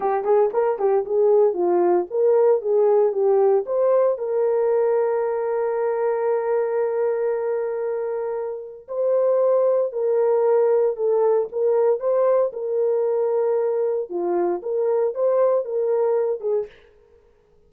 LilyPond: \new Staff \with { instrumentName = "horn" } { \time 4/4 \tempo 4 = 115 g'8 gis'8 ais'8 g'8 gis'4 f'4 | ais'4 gis'4 g'4 c''4 | ais'1~ | ais'1~ |
ais'4 c''2 ais'4~ | ais'4 a'4 ais'4 c''4 | ais'2. f'4 | ais'4 c''4 ais'4. gis'8 | }